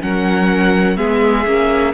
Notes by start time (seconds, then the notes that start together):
0.00 F#3 C#4 A#4 F#5
0.96 G#3 B3 G#4 E5
1.46 A#3 C#4